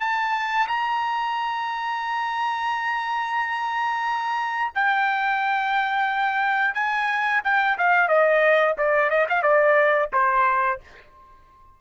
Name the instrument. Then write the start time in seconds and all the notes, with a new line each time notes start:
trumpet
0.00 A5
0.68 A#5
4.75 G5
6.74 G#5
7.44 G5
7.78 F5
8.08 D#5
8.78 D5
9.10 D#5
9.29 F5
9.43 D5
10.13 C5